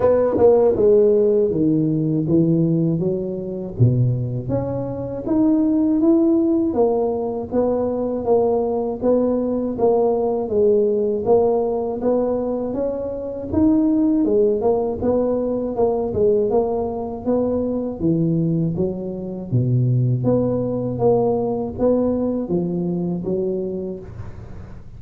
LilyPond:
\new Staff \with { instrumentName = "tuba" } { \time 4/4 \tempo 4 = 80 b8 ais8 gis4 dis4 e4 | fis4 b,4 cis'4 dis'4 | e'4 ais4 b4 ais4 | b4 ais4 gis4 ais4 |
b4 cis'4 dis'4 gis8 ais8 | b4 ais8 gis8 ais4 b4 | e4 fis4 b,4 b4 | ais4 b4 f4 fis4 | }